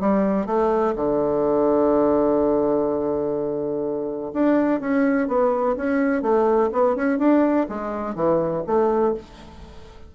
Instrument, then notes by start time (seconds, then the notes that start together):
bassoon
0.00 G3
0.46 A3
0.96 D3
4.33 D4
4.80 C#4
5.28 B3
5.76 C#4
6.22 A3
6.72 B3
6.96 C#4
7.18 D4
7.69 G#3
8.15 E3
8.66 A3